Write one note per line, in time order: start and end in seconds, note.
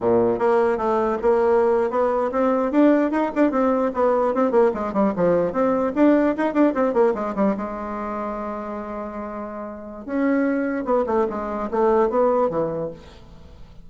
0.01 0.39 A#2
0.39 0.77 A#3
0.77 1.17 A3
1.22 1.90 A#3
1.90 2.30 B3
2.31 2.71 C4
2.71 3.11 D4
3.11 3.31 D#4
3.35 3.51 D4
3.51 3.91 C4
3.94 4.34 B3
4.34 4.51 C4
4.51 4.71 A#3
4.74 4.93 G#3
4.93 5.13 G3
5.16 5.52 F3
5.52 5.92 C4
5.95 6.35 D4
6.37 6.53 D#4
6.53 6.73 D4
6.74 6.93 C4
6.93 7.13 A#3
7.14 7.34 G#3
7.35 7.55 G3
7.56 10.05 G#3
10.05 10.84 C#4
10.84 11.04 B3
11.06 11.26 A3
11.29 11.69 G#3
11.71 12.09 A3
12.09 12.49 B3
12.49 12.90 E3